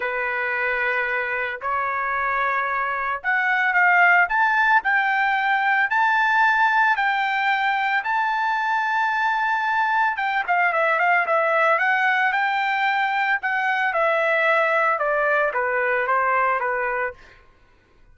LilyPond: \new Staff \with { instrumentName = "trumpet" } { \time 4/4 \tempo 4 = 112 b'2. cis''4~ | cis''2 fis''4 f''4 | a''4 g''2 a''4~ | a''4 g''2 a''4~ |
a''2. g''8 f''8 | e''8 f''8 e''4 fis''4 g''4~ | g''4 fis''4 e''2 | d''4 b'4 c''4 b'4 | }